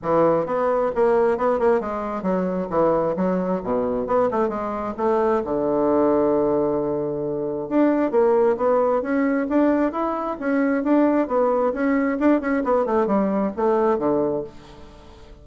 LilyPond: \new Staff \with { instrumentName = "bassoon" } { \time 4/4 \tempo 4 = 133 e4 b4 ais4 b8 ais8 | gis4 fis4 e4 fis4 | b,4 b8 a8 gis4 a4 | d1~ |
d4 d'4 ais4 b4 | cis'4 d'4 e'4 cis'4 | d'4 b4 cis'4 d'8 cis'8 | b8 a8 g4 a4 d4 | }